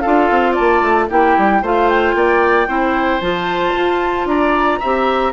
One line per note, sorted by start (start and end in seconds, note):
0.00 1.09 F4
0.00 0.52 A4
0.00 0.53 F5
0.06 0.31 D4
0.31 0.57 C4
0.52 1.05 D5
0.52 1.09 A5
0.60 0.82 A#3
0.82 1.08 A3
1.09 1.37 A#3
1.09 1.62 E4
1.09 1.62 G4
1.09 1.65 G5
1.38 1.62 G3
1.62 2.15 A3
1.62 2.68 F4
1.62 2.15 C5
1.62 1.89 F5
1.89 3.21 G5
2.15 2.68 A#3
2.15 2.68 D5
2.68 3.21 C4
2.68 3.21 E4
2.68 4.28 C5
3.21 3.74 F3
3.21 4.81 F4
3.21 4.27 A5
3.75 4.25 F4
4.25 4.79 D4
4.25 4.80 D5
4.25 5.33 A#5
4.80 5.33 C4
4.80 5.33 G4
4.80 5.33 E5